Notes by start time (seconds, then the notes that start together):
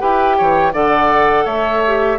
0.00 E4 G4 B4 G5
0.38 E3 C#5
0.73 D3 A4 D5 F#5
1.45 A3 C#5 E5
1.87 G4